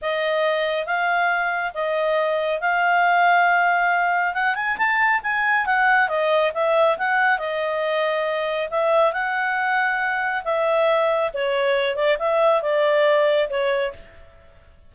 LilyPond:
\new Staff \with { instrumentName = "clarinet" } { \time 4/4 \tempo 4 = 138 dis''2 f''2 | dis''2 f''2~ | f''2 fis''8 gis''8 a''4 | gis''4 fis''4 dis''4 e''4 |
fis''4 dis''2. | e''4 fis''2. | e''2 cis''4. d''8 | e''4 d''2 cis''4 | }